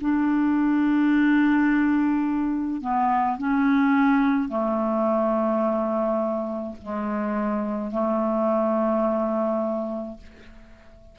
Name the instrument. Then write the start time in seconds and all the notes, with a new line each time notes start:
clarinet
0.00 D4
2.81 B3
3.38 C#4
4.49 A3
6.82 G#3
7.91 A3